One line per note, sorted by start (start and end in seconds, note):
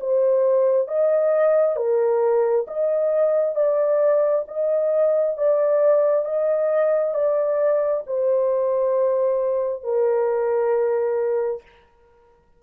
0.00 0.88 C5
0.88 1.76 D#5
1.76 2.66 A#4
2.67 3.55 D#5
3.55 4.45 D5
4.48 5.37 D#5
5.37 6.25 D5
6.25 7.14 D#5
7.14 8.04 D5
8.07 9.83 C5
9.83 11.62 A#4